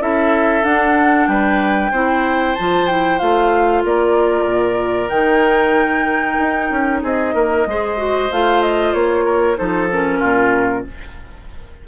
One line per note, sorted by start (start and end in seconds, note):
0.00 0.63 C#4
0.00 0.64 E4
0.00 1.29 A4
0.00 0.64 E5
0.63 1.27 D4
0.63 1.92 D4
0.63 1.27 F#5
1.27 1.91 G3
1.27 1.91 B4
1.27 2.55 G5
1.91 2.56 C4
1.91 2.57 E4
1.91 3.83 C5
2.55 3.22 F3
2.55 2.89 F4
2.55 2.87 A5
2.87 3.19 E4
2.87 3.18 G5
3.18 3.84 A3
3.18 5.11 F4
3.18 3.82 F5
3.84 4.45 A#3
3.84 7.03 A#4
3.84 5.09 D5
4.45 5.09 A#2
5.09 6.38 D#3
5.09 7.66 D#4
5.09 7.00 G5
6.38 6.70 D#4
6.71 7.03 C#4
7.03 7.34 C4
7.03 7.34 G#4
7.03 8.32 D#5
7.34 7.66 A#3
7.34 7.66 A#4
7.66 8.30 G#3
7.66 7.97 G#4
7.66 9.25 C5
7.97 8.29 F#4
8.31 8.94 A3
8.31 9.56 F4
8.31 8.62 F5
8.62 8.93 D#5
8.93 9.58 A#3
8.93 9.57 C#5
9.25 9.57 A#4
9.56 10.22 F3
9.56 9.88 D#4
9.56 10.19 A4
9.56 9.89 C5
9.91 10.87 C#4
9.91 10.87 A#4
10.19 10.86 A#2
10.19 10.83 F4